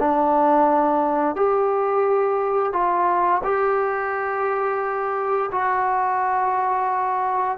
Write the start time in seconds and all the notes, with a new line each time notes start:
0.00 D4
1.36 G4
2.73 F4
3.44 G4
5.52 F#4